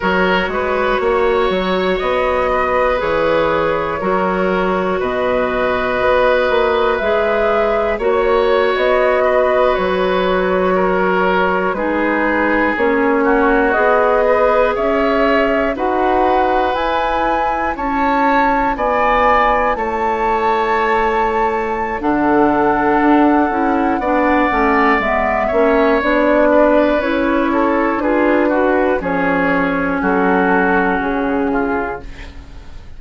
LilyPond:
<<
  \new Staff \with { instrumentName = "flute" } { \time 4/4 \tempo 4 = 60 cis''2 dis''4 cis''4~ | cis''4 dis''2 e''4 | cis''8. dis''4 cis''2 b'16~ | b'8. cis''4 dis''4 e''4 fis''16~ |
fis''8. gis''4 a''4 gis''4 a''16~ | a''2 fis''2~ | fis''4 e''4 d''4 cis''4 | b'4 cis''4 a'4 gis'4 | }
  \new Staff \with { instrumentName = "oboe" } { \time 4/4 ais'8 b'8 cis''4. b'4. | ais'4 b'2. | cis''4~ cis''16 b'4. ais'4 gis'16~ | gis'4~ gis'16 fis'4 b'8 cis''4 b'16~ |
b'4.~ b'16 cis''4 d''4 cis''16~ | cis''2 a'2 | d''4. cis''4 b'4 a'8 | gis'8 fis'8 gis'4 fis'4. f'8 | }
  \new Staff \with { instrumentName = "clarinet" } { \time 4/4 fis'2. gis'4 | fis'2. gis'4 | fis'2.~ fis'8. dis'16~ | dis'8. cis'4 gis'2 fis'16~ |
fis'8. e'2.~ e'16~ | e'2 d'4. e'8 | d'8 cis'8 b8 cis'8 d'4 e'4 | f'8 fis'8 cis'2. | }
  \new Staff \with { instrumentName = "bassoon" } { \time 4/4 fis8 gis8 ais8 fis8 b4 e4 | fis4 b,4 b8 ais8 gis4 | ais8. b4 fis2 gis16~ | gis8. ais4 b4 cis'4 dis'16~ |
dis'8. e'4 cis'4 b4 a16~ | a2 d4 d'8 cis'8 | b8 a8 gis8 ais8 b4 cis'4 | d'4 f4 fis4 cis4 | }
>>